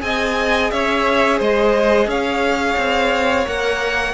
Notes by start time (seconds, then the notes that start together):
0.00 C4 G#4 D#5 G#5
0.71 C#4 C#5 E5
1.39 G#3 C5 D#5
2.07 C#4 C#5 F5
2.78 C4
3.46 A#3 A#4 F#5